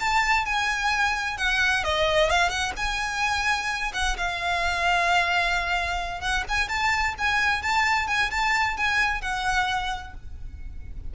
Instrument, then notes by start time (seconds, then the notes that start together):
violin
0.00 A5
0.46 G#5
1.38 F#5
1.84 D#5
2.30 F5
2.49 F#5
2.77 G#5
3.94 F#5
4.17 F5
6.21 F#5
6.49 G#5
6.69 A5
7.18 G#5
7.62 A5
8.08 G#5
8.31 A5
8.77 G#5
9.22 F#5